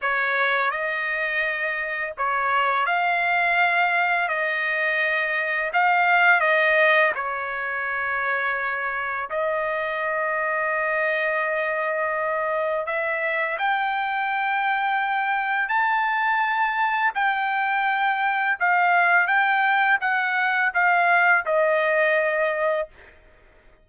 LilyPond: \new Staff \with { instrumentName = "trumpet" } { \time 4/4 \tempo 4 = 84 cis''4 dis''2 cis''4 | f''2 dis''2 | f''4 dis''4 cis''2~ | cis''4 dis''2.~ |
dis''2 e''4 g''4~ | g''2 a''2 | g''2 f''4 g''4 | fis''4 f''4 dis''2 | }